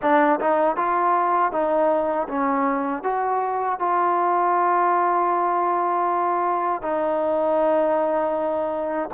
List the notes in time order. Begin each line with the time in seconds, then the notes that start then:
0.01 D4
0.40 D#4
0.76 F4
1.52 D#4
2.28 C#4
3.03 F#4
3.79 F4
6.81 D#4